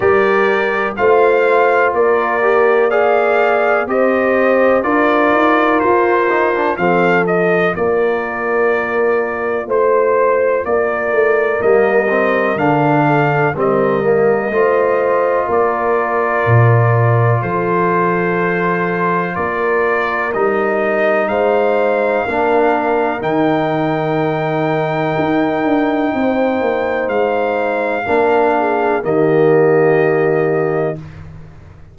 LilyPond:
<<
  \new Staff \with { instrumentName = "trumpet" } { \time 4/4 \tempo 4 = 62 d''4 f''4 d''4 f''4 | dis''4 d''4 c''4 f''8 dis''8 | d''2 c''4 d''4 | dis''4 f''4 dis''2 |
d''2 c''2 | d''4 dis''4 f''2 | g''1 | f''2 dis''2 | }
  \new Staff \with { instrumentName = "horn" } { \time 4/4 ais'4 c''4 ais'4 d''4 | c''4 ais'2 a'4 | ais'2 c''4 ais'4~ | ais'4. a'8 ais'4 c''4 |
ais'2 a'2 | ais'2 c''4 ais'4~ | ais'2. c''4~ | c''4 ais'8 gis'8 g'2 | }
  \new Staff \with { instrumentName = "trombone" } { \time 4/4 g'4 f'4. g'8 gis'4 | g'4 f'4. dis'16 d'16 c'8 f'8~ | f'1 | ais8 c'8 d'4 c'8 ais8 f'4~ |
f'1~ | f'4 dis'2 d'4 | dis'1~ | dis'4 d'4 ais2 | }
  \new Staff \with { instrumentName = "tuba" } { \time 4/4 g4 a4 ais2 | c'4 d'8 dis'8 f'4 f4 | ais2 a4 ais8 a8 | g4 d4 g4 a4 |
ais4 ais,4 f2 | ais4 g4 gis4 ais4 | dis2 dis'8 d'8 c'8 ais8 | gis4 ais4 dis2 | }
>>